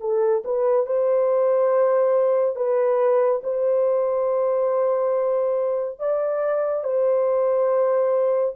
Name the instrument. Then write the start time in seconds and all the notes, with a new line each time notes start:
horn
0.00 A4
0.45 B4
0.86 C5
2.56 B4
3.43 C5
5.99 D5
6.83 C5